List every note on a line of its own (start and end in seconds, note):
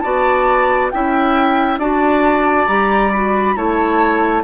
0.00 0.92 B3
0.00 0.92 F#4
0.00 0.92 D5
0.00 0.88 A5
0.90 1.78 C#4
0.90 1.80 E4
0.90 1.80 E5
0.90 1.79 G5
1.78 2.67 D4
1.78 2.68 F#4
1.78 3.56 D5
1.78 2.67 A5
2.67 3.56 G3
2.67 3.12 G4
2.67 3.12 A#5
3.12 3.56 F#4
3.12 3.56 B5
3.56 4.44 A3
3.56 4.44 E4
3.56 4.44 C#5
3.56 4.44 A5